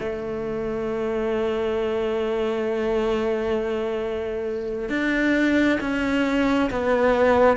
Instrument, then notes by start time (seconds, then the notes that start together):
cello
0.00 A3
4.90 D4
5.81 C#4
6.71 B3